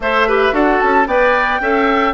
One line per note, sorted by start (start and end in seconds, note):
0.00 0.51 A3
0.00 0.28 A4
0.00 0.27 C5
0.00 0.54 E5
0.27 0.51 G4
0.27 0.54 B4
0.51 0.79 D4
0.51 1.05 F#4
0.51 1.07 A4
0.51 0.80 F#5
0.80 1.06 C#4
0.80 1.07 A5
1.06 1.60 B3
1.06 1.61 B4
1.06 1.61 D5
1.06 2.13 G5
1.60 2.13 C#4
1.60 2.13 A4
1.60 2.13 E5